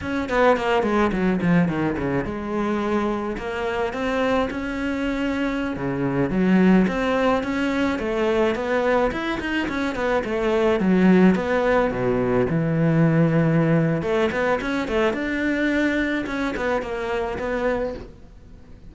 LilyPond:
\new Staff \with { instrumentName = "cello" } { \time 4/4 \tempo 4 = 107 cis'8 b8 ais8 gis8 fis8 f8 dis8 cis8 | gis2 ais4 c'4 | cis'2~ cis'16 cis4 fis8.~ | fis16 c'4 cis'4 a4 b8.~ |
b16 e'8 dis'8 cis'8 b8 a4 fis8.~ | fis16 b4 b,4 e4.~ e16~ | e4 a8 b8 cis'8 a8 d'4~ | d'4 cis'8 b8 ais4 b4 | }